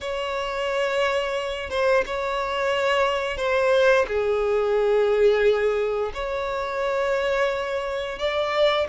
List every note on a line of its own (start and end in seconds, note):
0.00 1.70 C#5
1.70 2.04 C5
2.05 3.37 C#5
3.37 4.05 C5
4.07 6.12 G#4
6.14 8.18 C#5
8.18 8.87 D5